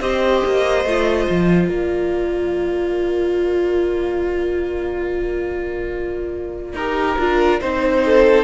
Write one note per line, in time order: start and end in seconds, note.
0.00 0.42 C4
0.00 0.85 G4
0.00 1.68 C5
0.00 1.69 D#5
0.45 0.85 A#3
0.85 1.27 A3
0.85 6.78 F4
1.30 1.69 F3
1.68 6.73 A#3
1.68 8.02 A#4
1.68 6.76 D5
6.73 7.16 D#4
6.73 7.19 G4
6.73 7.60 A#4
7.18 7.60 D4
7.18 7.61 F4
7.60 8.44 C4
7.60 8.44 D#4
7.60 8.44 C5
8.05 8.44 A4